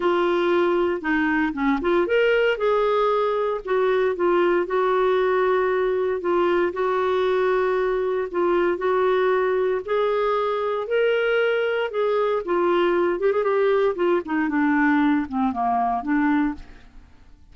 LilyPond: \new Staff \with { instrumentName = "clarinet" } { \time 4/4 \tempo 4 = 116 f'2 dis'4 cis'8 f'8 | ais'4 gis'2 fis'4 | f'4 fis'2. | f'4 fis'2. |
f'4 fis'2 gis'4~ | gis'4 ais'2 gis'4 | f'4. g'16 gis'16 g'4 f'8 dis'8 | d'4. c'8 ais4 d'4 | }